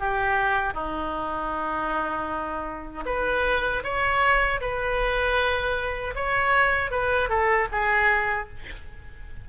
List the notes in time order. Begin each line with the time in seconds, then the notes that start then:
0.00 G4
0.74 D#4
3.06 B4
3.84 C#5
4.61 B4
6.15 C#5
6.91 B4
7.29 A4
7.72 G#4